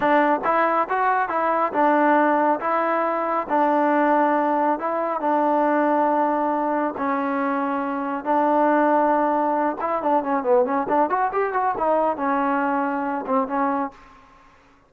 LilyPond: \new Staff \with { instrumentName = "trombone" } { \time 4/4 \tempo 4 = 138 d'4 e'4 fis'4 e'4 | d'2 e'2 | d'2. e'4 | d'1 |
cis'2. d'4~ | d'2~ d'8 e'8 d'8 cis'8 | b8 cis'8 d'8 fis'8 g'8 fis'8 dis'4 | cis'2~ cis'8 c'8 cis'4 | }